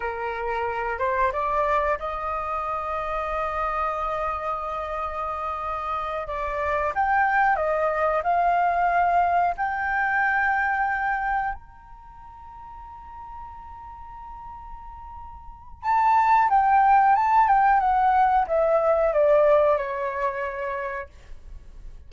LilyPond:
\new Staff \with { instrumentName = "flute" } { \time 4/4 \tempo 4 = 91 ais'4. c''8 d''4 dis''4~ | dis''1~ | dis''4. d''4 g''4 dis''8~ | dis''8 f''2 g''4.~ |
g''4. ais''2~ ais''8~ | ais''1 | a''4 g''4 a''8 g''8 fis''4 | e''4 d''4 cis''2 | }